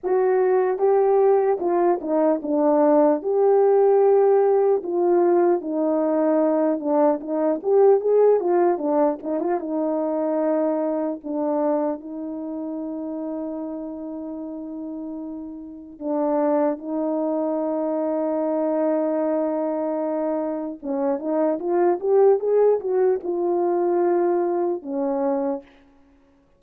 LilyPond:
\new Staff \with { instrumentName = "horn" } { \time 4/4 \tempo 4 = 75 fis'4 g'4 f'8 dis'8 d'4 | g'2 f'4 dis'4~ | dis'8 d'8 dis'8 g'8 gis'8 f'8 d'8 dis'16 f'16 | dis'2 d'4 dis'4~ |
dis'1 | d'4 dis'2.~ | dis'2 cis'8 dis'8 f'8 g'8 | gis'8 fis'8 f'2 cis'4 | }